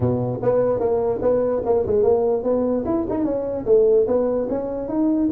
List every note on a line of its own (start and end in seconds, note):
0.00 0.40 B2
0.42 0.79 B3
0.79 1.20 A#3
1.21 1.62 B3
1.65 1.85 A#3
1.86 2.03 G#3
2.03 2.43 A#3
2.43 2.84 B3
2.85 3.05 E4
3.09 3.24 D#4
3.24 3.65 C#4
3.65 4.06 A3
4.07 4.47 B3
4.49 4.88 C#4
4.88 5.29 D#4